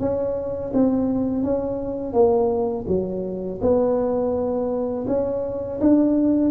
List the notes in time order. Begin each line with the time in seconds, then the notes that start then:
0.00 C#4
0.74 C4
1.44 C#4
2.13 A#3
2.88 F#3
3.61 B3
5.08 C#4
5.81 D4